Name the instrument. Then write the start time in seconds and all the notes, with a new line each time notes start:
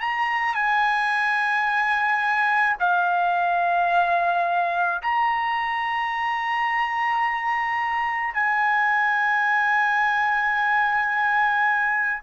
trumpet
0.00 A#5
0.55 G#5
2.79 F5
5.02 A#5
8.34 G#5